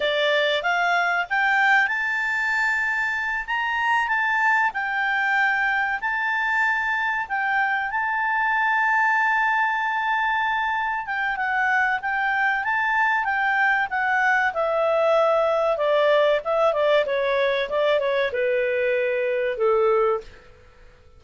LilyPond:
\new Staff \with { instrumentName = "clarinet" } { \time 4/4 \tempo 4 = 95 d''4 f''4 g''4 a''4~ | a''4. ais''4 a''4 g''8~ | g''4. a''2 g''8~ | g''8 a''2.~ a''8~ |
a''4. g''8 fis''4 g''4 | a''4 g''4 fis''4 e''4~ | e''4 d''4 e''8 d''8 cis''4 | d''8 cis''8 b'2 a'4 | }